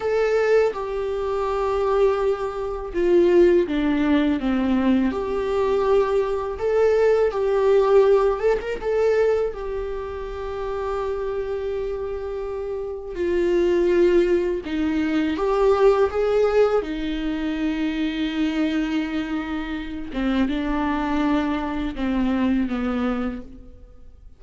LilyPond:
\new Staff \with { instrumentName = "viola" } { \time 4/4 \tempo 4 = 82 a'4 g'2. | f'4 d'4 c'4 g'4~ | g'4 a'4 g'4. a'16 ais'16 | a'4 g'2.~ |
g'2 f'2 | dis'4 g'4 gis'4 dis'4~ | dis'2.~ dis'8 c'8 | d'2 c'4 b4 | }